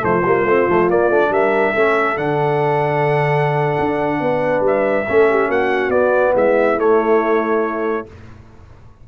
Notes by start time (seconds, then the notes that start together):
0.00 F3 A3 F4 C5
0.24 G3 A#3
0.44 A3 C4
0.68 F3 A3
0.89 A#3 D5
1.09 A3 D4
1.29 G3 A#4 E5
1.73 A3 C#4 A4
2.16 D3 D4 F#5
3.79 D4
4.20 B3 B4
4.60 G3
4.66 E5
5.08 A3 C#4 A4
5.30 G4
5.47 A#3 F#4 F#5
5.89 B3 D5
6.34 G#3 E4 E5
6.77 A3 C#5